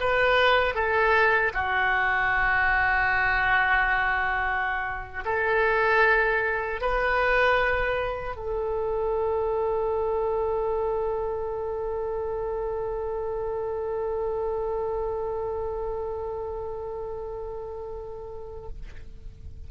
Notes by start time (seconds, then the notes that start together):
0.00 B4
0.74 A4
1.54 F#4
5.25 A4
6.81 B4
8.36 A4